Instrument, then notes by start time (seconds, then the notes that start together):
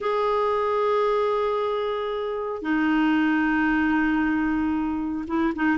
clarinet
0.00 G#4
2.62 D#4
5.27 E4
5.55 D#4